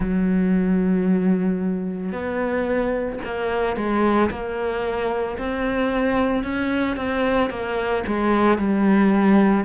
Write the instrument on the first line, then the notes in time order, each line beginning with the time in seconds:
cello
0.00 F#3
2.12 B3
3.24 A#3
3.76 G#3
4.30 A#3
5.38 C4
6.43 C#4
6.96 C4
7.50 A#3
8.06 G#3
8.58 G3